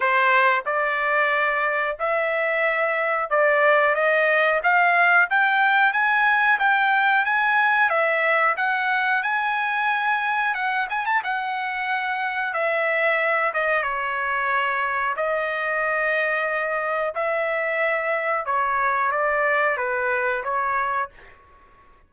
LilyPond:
\new Staff \with { instrumentName = "trumpet" } { \time 4/4 \tempo 4 = 91 c''4 d''2 e''4~ | e''4 d''4 dis''4 f''4 | g''4 gis''4 g''4 gis''4 | e''4 fis''4 gis''2 |
fis''8 gis''16 a''16 fis''2 e''4~ | e''8 dis''8 cis''2 dis''4~ | dis''2 e''2 | cis''4 d''4 b'4 cis''4 | }